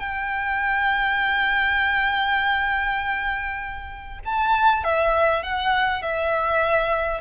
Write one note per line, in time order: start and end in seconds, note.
0.00 4.20 G5
4.26 4.84 A5
4.84 5.44 E5
5.44 6.03 F#5
6.03 7.22 E5